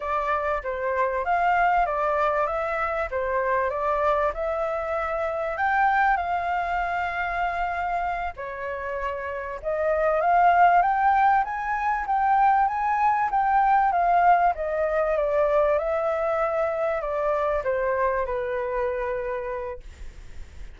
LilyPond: \new Staff \with { instrumentName = "flute" } { \time 4/4 \tempo 4 = 97 d''4 c''4 f''4 d''4 | e''4 c''4 d''4 e''4~ | e''4 g''4 f''2~ | f''4. cis''2 dis''8~ |
dis''8 f''4 g''4 gis''4 g''8~ | g''8 gis''4 g''4 f''4 dis''8~ | dis''8 d''4 e''2 d''8~ | d''8 c''4 b'2~ b'8 | }